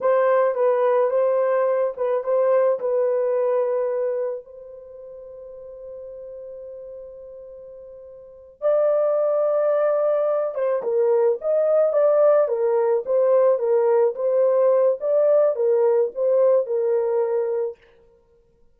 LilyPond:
\new Staff \with { instrumentName = "horn" } { \time 4/4 \tempo 4 = 108 c''4 b'4 c''4. b'8 | c''4 b'2. | c''1~ | c''2.~ c''8 d''8~ |
d''2. c''8 ais'8~ | ais'8 dis''4 d''4 ais'4 c''8~ | c''8 ais'4 c''4. d''4 | ais'4 c''4 ais'2 | }